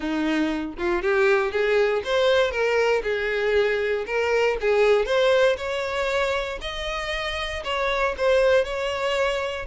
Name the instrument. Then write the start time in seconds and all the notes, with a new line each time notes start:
violin
0.00 D#4
0.78 F4
1.02 G4
1.51 G#4
2.04 C5
2.51 A#4
3.03 G#4
4.06 A#4
4.60 G#4
5.05 C5
5.57 C#5
6.61 D#5
7.63 C#5
8.17 C5
8.64 C#5